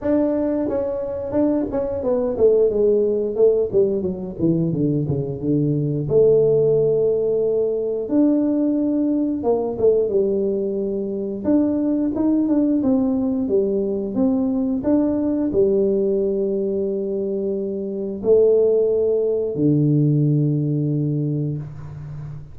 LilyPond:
\new Staff \with { instrumentName = "tuba" } { \time 4/4 \tempo 4 = 89 d'4 cis'4 d'8 cis'8 b8 a8 | gis4 a8 g8 fis8 e8 d8 cis8 | d4 a2. | d'2 ais8 a8 g4~ |
g4 d'4 dis'8 d'8 c'4 | g4 c'4 d'4 g4~ | g2. a4~ | a4 d2. | }